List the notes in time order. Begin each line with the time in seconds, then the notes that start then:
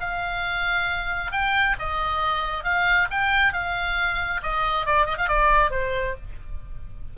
0.00 F5
1.32 G5
1.79 D#5
2.63 F5
3.10 G5
3.53 F5
4.42 D#5
4.85 D5
5.06 D#5
5.17 F5
5.28 D5
5.70 C5